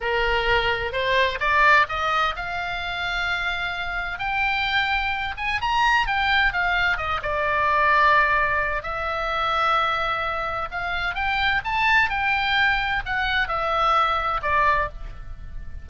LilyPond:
\new Staff \with { instrumentName = "oboe" } { \time 4/4 \tempo 4 = 129 ais'2 c''4 d''4 | dis''4 f''2.~ | f''4 g''2~ g''8 gis''8 | ais''4 g''4 f''4 dis''8 d''8~ |
d''2. e''4~ | e''2. f''4 | g''4 a''4 g''2 | fis''4 e''2 d''4 | }